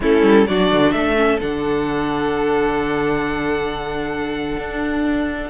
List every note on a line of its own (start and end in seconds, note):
0.00 0.22 A3
0.00 0.48 C#4
0.00 0.47 E4
0.00 0.47 A4
0.22 0.45 G3
0.47 0.71 F#3
0.47 1.16 D4
0.47 0.94 F#4
0.47 0.92 D5
0.71 0.93 D3
0.92 1.39 A3
0.92 5.49 A4
0.92 1.39 E5
1.16 1.39 C#4
1.41 4.57 D3
1.41 5.49 D4
1.41 5.49 F#5
4.57 5.49 D4